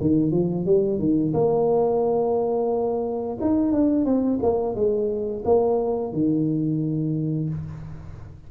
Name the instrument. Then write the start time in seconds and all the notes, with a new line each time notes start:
tuba
0.00 D#3
0.31 F3
0.65 G3
0.99 D#3
1.33 A#3
3.41 D#4
3.72 D4
4.05 C4
4.42 A#3
4.75 G#3
5.45 A#3
6.13 D#3